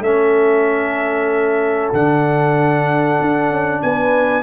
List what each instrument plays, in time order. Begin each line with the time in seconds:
0.00 tuba A3, trombone C#4, horn A4, trumpet E5
1.93 tuba D3, trombone D4, trumpet F#5
3.21 tuba D4
3.50 tuba C#4
3.82 tuba B3, horn B4, trumpet G#5